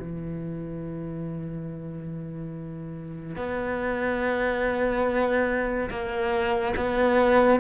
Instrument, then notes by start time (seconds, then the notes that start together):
cello
0.00 E3
3.36 B3
5.90 A#3
6.77 B3